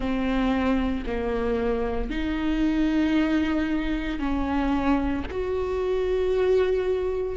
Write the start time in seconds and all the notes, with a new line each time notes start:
0.00 C4
1.06 A#3
2.10 D#4
4.19 C#4
5.30 F#4